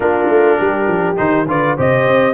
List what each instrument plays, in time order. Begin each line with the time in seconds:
0.00 tuba A#3, trombone D4, horn F4, trumpet A#4
0.28 tuba A3
0.58 tuba G3, horn G4
0.87 tuba F3
1.16 tuba D#3, trombone D#4, trumpet C5
1.47 tuba D3, trombone F4, horn B4, trumpet D5
1.76 tuba C3, trombone G4, horn C5, trumpet D#5
2.06 tuba C4